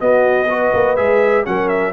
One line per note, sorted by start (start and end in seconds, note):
0.00 0.48 B3
0.00 0.74 B3
0.00 0.49 F#4
0.00 0.97 D#5
0.50 0.97 F#4
0.50 1.48 B4
0.74 0.98 A#3
0.97 1.47 G#3
0.97 1.45 G#4
0.97 1.45 E5
1.45 1.94 F#3
1.45 1.94 C#4
1.45 1.94 A#4
1.45 1.69 F#5
1.69 1.93 E5